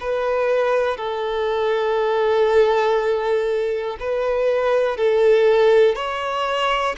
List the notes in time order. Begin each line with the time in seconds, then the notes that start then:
0.00 B4
0.97 A4
4.00 B4
4.97 A4
5.95 C#5